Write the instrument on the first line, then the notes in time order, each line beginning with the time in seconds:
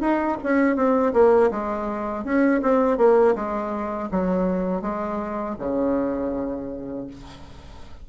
bassoon
0.00 D#4
0.43 C#4
0.75 C4
1.13 A#3
1.51 G#3
2.24 C#4
2.62 C4
2.97 A#3
3.35 G#3
4.11 F#3
4.81 G#3
5.59 C#3